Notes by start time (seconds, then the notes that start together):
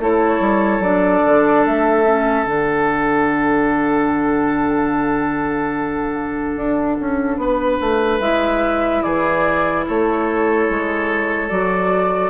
0.00 A3 E4 A4 C#5
0.40 G3
0.80 F#3 D4 D5
1.26 D3
1.66 A3 E5
2.05 C#4
2.46 D3 D4 F#5
6.57 D4
7.01 C#4
7.37 B3 B4
7.81 A3
8.20 G#3 E4 E5
9.03 E3 G#4 D5
9.87 A3 A4 C#5
10.70 G#3
11.50 F#3 F#4 D5